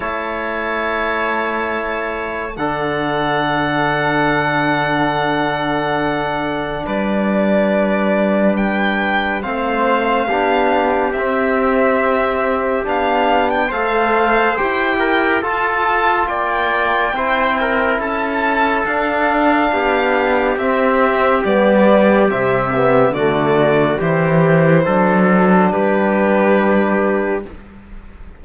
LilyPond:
<<
  \new Staff \with { instrumentName = "violin" } { \time 4/4 \tempo 4 = 70 a''2. fis''4~ | fis''1 | d''2 g''4 f''4~ | f''4 e''2 f''8. g''16 |
f''4 g''4 a''4 g''4~ | g''4 a''4 f''2 | e''4 d''4 e''4 d''4 | c''2 b'2 | }
  \new Staff \with { instrumentName = "trumpet" } { \time 4/4 cis''2. a'4~ | a'1 | b'2. c''4 | g'1 |
c''4. ais'8 a'4 d''4 | c''8 ais'8 a'2 g'4~ | g'2. fis'4 | g'4 a'4 g'2 | }
  \new Staff \with { instrumentName = "trombone" } { \time 4/4 e'2. d'4~ | d'1~ | d'2. c'4 | d'4 c'2 d'4 |
a'4 g'4 f'2 | e'2 d'2 | c'4 b4 c'8 b8 a4 | e'4 d'2. | }
  \new Staff \with { instrumentName = "cello" } { \time 4/4 a2. d4~ | d1 | g2. a4 | b4 c'2 b4 |
a4 e'4 f'4 ais4 | c'4 cis'4 d'4 b4 | c'4 g4 c4 d4 | e4 fis4 g2 | }
>>